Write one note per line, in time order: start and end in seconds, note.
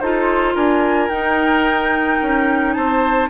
0.00 0.56 D#4
0.00 1.10 F4
0.00 0.54 A4
0.00 0.55 C5
0.54 1.10 D4
0.54 2.75 A#4
0.54 1.09 G#5
1.09 2.20 D#4
1.09 3.30 D#4
1.09 2.74 G5
2.22 2.77 C#4
2.74 3.30 C4
2.74 3.30 C5
2.74 3.29 A5